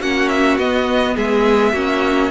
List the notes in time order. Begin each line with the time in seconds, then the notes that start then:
0.00 A#3 C#4 F#4 F#5
0.29 E5
0.59 B3 D#5
1.16 G#3 G#4 E5
1.73 A#3 C#4 F#4